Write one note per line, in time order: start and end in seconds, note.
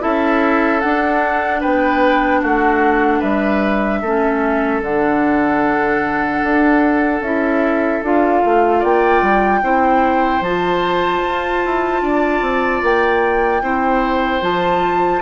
0.00 0.83 C#4
0.00 0.80 E4
0.00 1.60 A4
0.00 0.80 E5
0.80 1.63 D4
0.80 4.04 D4
0.80 1.60 F#5
1.60 2.43 B3
1.60 2.40 B4
1.60 2.42 G5
2.42 3.22 A3
2.42 3.19 F#4
2.42 3.21 F#5
3.19 4.02 G3
3.19 3.99 B4
3.19 4.81 E5
4.02 4.81 A3
4.02 4.82 C#4
4.02 8.79 A4
4.81 6.41 D3
4.81 7.22 D4
4.81 7.23 F#5
6.43 7.21 D4
7.21 8.01 C#4
7.21 8.03 E4
7.21 8.03 E5
8.03 8.43 D4
8.03 9.62 F4
8.03 8.83 F5
8.45 8.83 A3
8.79 9.21 A#3
8.79 9.59 D5
8.79 10.43 G5
9.21 9.62 G3
9.62 10.41 C4
9.62 10.42 E4
9.62 12.02 C5
10.41 11.21 F3
10.41 13.62 F4
10.41 12.83 A5
11.25 11.65 F4
11.65 12.01 E4
12.01 12.41 D4
12.01 13.62 D5
12.41 12.81 C4
12.82 13.62 A#3
12.82 14.43 G5
13.62 14.41 C4
13.62 14.41 E4
13.62 15.22 C5
14.41 15.21 F3
14.41 15.21 F4
14.41 15.22 A5